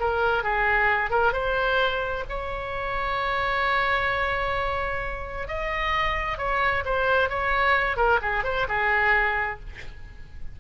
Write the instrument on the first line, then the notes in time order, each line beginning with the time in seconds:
oboe
0.00 A#4
0.44 G#4
1.11 A#4
1.33 C5
2.29 C#5
5.48 D#5
6.38 C#5
6.85 C5
7.29 C#5
7.97 A#4
8.22 G#4
8.44 C5
8.68 G#4